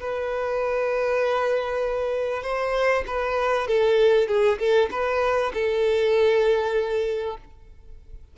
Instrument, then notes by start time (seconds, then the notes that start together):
violin
0.00 B4
2.43 C5
3.07 B4
3.67 A4
4.28 G#4
4.59 A4
4.91 B4
5.54 A4